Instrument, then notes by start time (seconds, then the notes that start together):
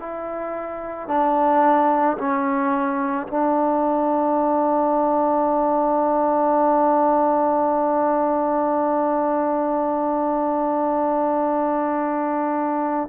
trombone
0.00 E4
1.08 D4
2.18 C#4
3.28 D4